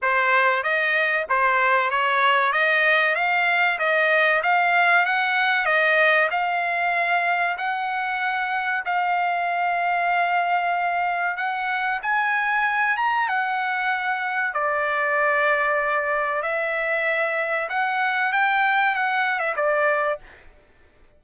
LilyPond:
\new Staff \with { instrumentName = "trumpet" } { \time 4/4 \tempo 4 = 95 c''4 dis''4 c''4 cis''4 | dis''4 f''4 dis''4 f''4 | fis''4 dis''4 f''2 | fis''2 f''2~ |
f''2 fis''4 gis''4~ | gis''8 ais''8 fis''2 d''4~ | d''2 e''2 | fis''4 g''4 fis''8. e''16 d''4 | }